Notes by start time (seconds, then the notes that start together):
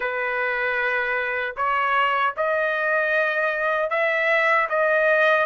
0.00 B4
1.56 C#5
2.36 D#5
3.90 E5
4.69 D#5